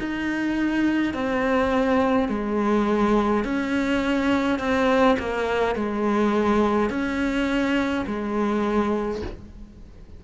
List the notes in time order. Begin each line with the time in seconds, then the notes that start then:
0.00 D#4
1.14 C4
2.29 G#3
3.45 C#4
4.59 C4
5.19 A#3
5.76 G#3
6.90 C#4
8.07 G#3